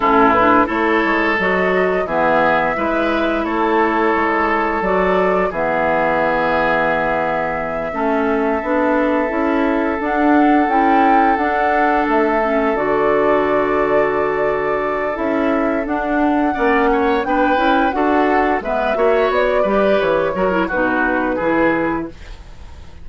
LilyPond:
<<
  \new Staff \with { instrumentName = "flute" } { \time 4/4 \tempo 4 = 87 a'8 b'8 cis''4 dis''4 e''4~ | e''4 cis''2 d''4 | e''1~ | e''2~ e''8 fis''4 g''8~ |
g''8 fis''4 e''4 d''4.~ | d''2 e''4 fis''4~ | fis''4 g''4 fis''4 e''4 | d''4 cis''4 b'2 | }
  \new Staff \with { instrumentName = "oboe" } { \time 4/4 e'4 a'2 gis'4 | b'4 a'2. | gis'2.~ gis'8 a'8~ | a'1~ |
a'1~ | a'1 | d''8 cis''8 b'4 a'4 b'8 cis''8~ | cis''8 b'4 ais'8 fis'4 gis'4 | }
  \new Staff \with { instrumentName = "clarinet" } { \time 4/4 cis'8 d'8 e'4 fis'4 b4 | e'2. fis'4 | b2.~ b8 cis'8~ | cis'8 d'4 e'4 d'4 e'8~ |
e'8 d'4. cis'8 fis'4.~ | fis'2 e'4 d'4 | cis'4 d'8 e'8 fis'4 b8 fis'8~ | fis'8 g'4 fis'16 e'16 dis'4 e'4 | }
  \new Staff \with { instrumentName = "bassoon" } { \time 4/4 a,4 a8 gis8 fis4 e4 | gis4 a4 gis4 fis4 | e2.~ e8 a8~ | a8 b4 cis'4 d'4 cis'8~ |
cis'8 d'4 a4 d4.~ | d2 cis'4 d'4 | ais4 b8 cis'8 d'4 gis8 ais8 | b8 g8 e8 fis8 b,4 e4 | }
>>